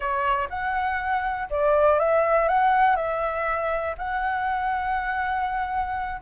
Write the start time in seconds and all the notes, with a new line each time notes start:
0.00 C#5
0.49 F#5
1.50 D5
1.99 E5
2.48 F#5
2.96 E5
3.98 F#5